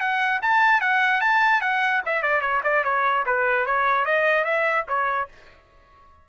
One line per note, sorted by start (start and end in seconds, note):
0.00 0.41 F#5
0.42 0.81 A5
0.81 1.21 F#5
1.21 1.61 A5
1.61 2.02 F#5
2.06 2.22 E5
2.22 2.41 D5
2.41 2.61 C#5
2.64 2.84 D5
2.84 3.25 C#5
3.26 3.66 B4
3.66 4.05 C#5
4.05 4.44 D#5
4.44 4.85 E5
4.88 5.29 C#5